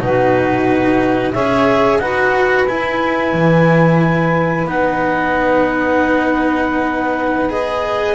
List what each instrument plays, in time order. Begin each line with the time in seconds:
0.00 double bass B2, cello D#4, saxophone F#4, clarinet B4
1.33 double bass C#4, cello G#4, saxophone C#5, clarinet E5
1.99 double bass D#4, cello F#4, saxophone B4, clarinet F#5
2.68 double bass E4, cello E4, clarinet G#5
3.33 double bass E3
4.65 double bass B3, cello D#4, clarinet F#5
7.50 cello G#4, clarinet D#5